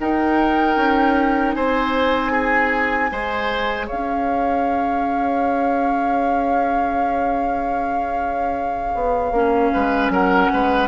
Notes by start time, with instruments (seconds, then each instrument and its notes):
0.00 clarinet D#4, bassoon D#4, oboe A#4, flute G5
0.77 bassoon C#4
1.54 bassoon C4, oboe C5, flute G#5
2.32 oboe G#4
3.11 bassoon G#3, clarinet G#4, oboe C5
3.87 bassoon C#4, oboe C#5, flute F5
8.95 bassoon B3
9.31 bassoon A#3, clarinet C#4
9.73 bassoon G#3, oboe B4
10.10 bassoon F#3, oboe A#4, flute F#5
10.53 bassoon G#3, oboe B4